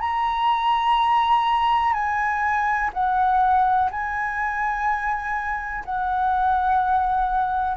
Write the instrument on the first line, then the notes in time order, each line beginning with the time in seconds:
flute
0.00 A#5
1.94 G#5
2.93 F#5
3.91 G#5
5.85 F#5